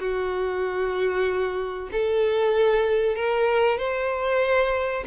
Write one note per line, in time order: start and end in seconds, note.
0.00 1.89 F#4
1.92 3.16 A4
3.16 3.78 A#4
3.78 5.04 C5